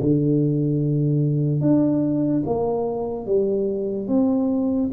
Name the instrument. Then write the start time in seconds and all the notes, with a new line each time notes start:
tuba
0.00 D3
1.61 D4
2.46 A#3
3.26 G3
4.08 C4